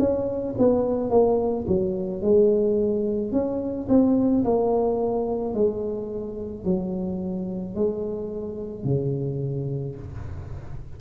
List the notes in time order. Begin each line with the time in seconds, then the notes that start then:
0.00 C#4
0.59 B3
1.11 A#3
1.68 F#3
2.22 G#3
3.33 C#4
3.89 C4
4.45 A#3
5.55 G#3
6.65 F#3
7.76 G#3
8.85 C#3